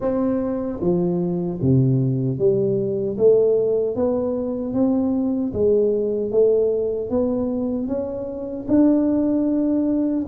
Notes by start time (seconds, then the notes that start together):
0.00 C4
0.80 F3
1.61 C3
2.38 G3
3.17 A3
3.95 B3
4.73 C4
5.53 G#3
6.31 A3
7.10 B3
7.87 C#4
8.67 D4